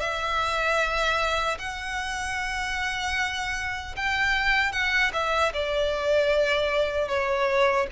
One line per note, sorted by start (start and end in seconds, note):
0.00 1.58 E5
1.59 3.95 F#5
3.97 4.72 G5
4.72 5.12 F#5
5.13 5.53 E5
5.53 7.08 D5
7.08 7.87 C#5